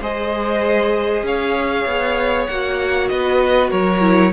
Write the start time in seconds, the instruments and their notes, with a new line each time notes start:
0.00 cello G#3, viola G#4, violin C5 D#5
1.23 cello C#4, violin C#5 F5
1.86 cello B3
2.46 cello A#3, viola F#4, violin F#5
3.08 cello B3, violin B4 D#5
3.71 cello F#3, violin A#4 C#5
4.01 viola E4